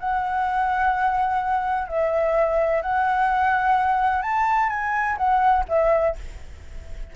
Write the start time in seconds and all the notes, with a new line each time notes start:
0.00 F#5
1.89 E5
2.83 F#5
4.23 A5
4.70 G#5
5.18 F#5
5.69 E5